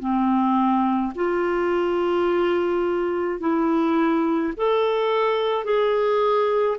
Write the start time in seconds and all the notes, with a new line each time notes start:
0.00 C4
1.16 F4
3.41 E4
4.57 A4
5.65 G#4